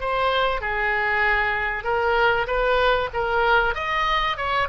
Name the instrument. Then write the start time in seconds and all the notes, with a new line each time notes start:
oboe
0.00 C5
0.61 G#4
1.84 A#4
2.47 B4
3.13 A#4
3.74 D#5
4.37 C#5